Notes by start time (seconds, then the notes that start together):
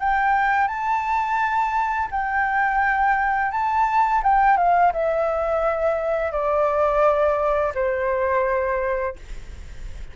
0.00 G5
0.68 A5
2.11 G5
3.52 A5
4.24 G5
4.58 F5
4.93 E5
6.32 D5
7.75 C5